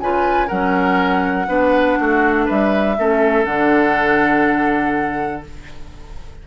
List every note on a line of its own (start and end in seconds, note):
0.00 0.51 C#3
0.00 0.49 F4
0.00 0.47 B4
0.00 0.48 G#5
0.47 1.47 F#3
0.47 1.47 C#4
0.47 1.46 A#4
0.47 2.47 F#5
1.47 1.97 B3
1.47 2.96 D4
1.47 1.98 B4
1.99 2.49 A3
1.99 2.46 F#4
2.46 2.98 G3
2.46 2.95 B4
2.46 3.45 E5
2.98 3.45 A3
2.98 3.46 C#4
2.98 5.47 A4
3.45 5.43 D3
3.45 5.44 D4
3.45 5.43 F#5